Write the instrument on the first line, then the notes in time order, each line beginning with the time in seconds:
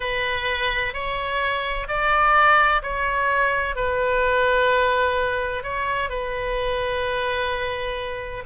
oboe
0.00 B4
0.93 C#5
1.87 D5
2.82 C#5
3.75 B4
5.63 C#5
6.09 B4